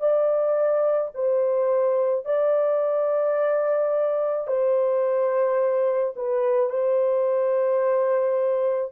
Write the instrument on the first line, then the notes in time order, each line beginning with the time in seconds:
horn
0.00 D5
1.15 C5
2.25 D5
4.47 C5
6.16 B4
6.70 C5